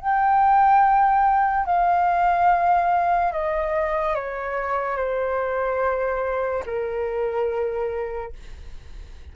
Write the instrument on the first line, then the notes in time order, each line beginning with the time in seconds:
flute
0.00 G5
1.66 F5
3.32 D#5
4.15 C#5
4.97 C5
6.66 A#4